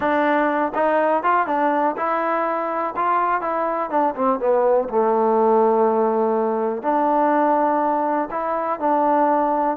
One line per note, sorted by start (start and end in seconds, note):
0.00 0.72 D4
0.75 1.23 D#4
1.23 1.46 F4
1.46 1.95 D4
1.96 2.94 E4
2.95 3.41 F4
3.41 3.90 E4
3.90 4.14 D4
4.15 4.39 C4
4.39 4.88 B3
4.89 6.82 A3
6.82 8.28 D4
8.30 8.79 E4
8.79 9.77 D4